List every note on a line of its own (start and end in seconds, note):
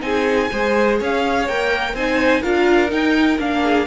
0.00 0.50 C4
0.00 0.48 D#4
0.00 0.51 G#4
0.00 0.97 G#5
0.51 1.00 G#3
0.51 1.49 G#4
0.51 0.98 C5
0.98 1.48 C#4
0.98 1.94 C#5
0.98 1.48 F5
1.48 1.93 A#3
1.48 1.97 A#4
1.48 1.95 G5
1.93 2.41 C4
1.93 2.43 D#4
1.93 2.41 C5
1.93 2.42 G#5
2.41 2.92 D4
2.41 2.88 F4
2.41 3.61 A#4
2.41 2.90 F5
2.88 3.36 D#4
2.88 3.38 D#4
2.88 3.39 G5
3.38 3.86 A#3
3.38 3.87 D4
3.38 3.87 F5
3.63 3.87 G#4